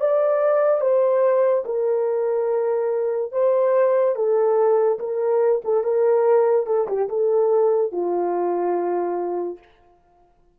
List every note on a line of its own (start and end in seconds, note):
0.00 0.81 D5
0.81 1.64 C5
1.65 3.32 A#4
3.32 4.16 C5
4.16 4.99 A4
4.99 5.62 A#4
5.64 5.84 A4
5.84 6.66 A#4
6.66 6.87 A4
6.87 7.08 G4
7.09 7.92 A4
7.92 9.59 F4